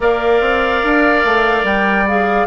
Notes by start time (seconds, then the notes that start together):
0.00 A#3 A#4 D5 F5
0.40 C4
0.83 D4
1.24 A3
1.63 G3 G5
2.07 G#4 F5